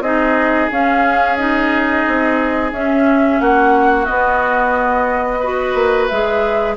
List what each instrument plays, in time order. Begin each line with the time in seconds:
0.00 bassoon C4, clarinet D#4, oboe G#4, flute D#5
0.71 clarinet C#4, bassoon C#4, flute F5
1.36 clarinet D#4, flute D#5
2.06 bassoon C4
2.72 bassoon C#4, clarinet C#4, flute E5
3.40 bassoon A#3, oboe F#4, flute F#5
4.05 clarinet B3, bassoon B3, flute D#5
5.40 clarinet F#4, oboe B4
5.74 bassoon A#3
6.07 bassoon G#3, clarinet G#4, flute E5